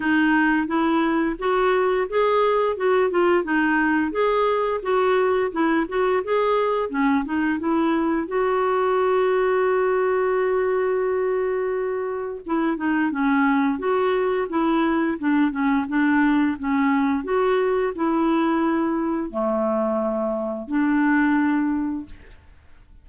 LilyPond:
\new Staff \with { instrumentName = "clarinet" } { \time 4/4 \tempo 4 = 87 dis'4 e'4 fis'4 gis'4 | fis'8 f'8 dis'4 gis'4 fis'4 | e'8 fis'8 gis'4 cis'8 dis'8 e'4 | fis'1~ |
fis'2 e'8 dis'8 cis'4 | fis'4 e'4 d'8 cis'8 d'4 | cis'4 fis'4 e'2 | a2 d'2 | }